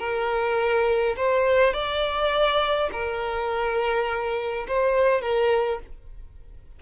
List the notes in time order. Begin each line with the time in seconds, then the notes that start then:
0.00 A#4
1.17 C5
1.74 D5
2.93 A#4
4.68 C5
5.22 A#4